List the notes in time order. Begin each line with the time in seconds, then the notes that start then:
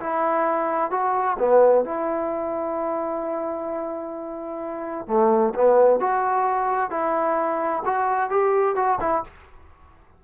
0.00 E4
0.91 F#4
1.39 B3
1.85 E4
5.07 A3
5.55 B3
6.00 F#4
6.90 E4
7.85 F#4
8.30 G4
8.76 F#4
9.00 E4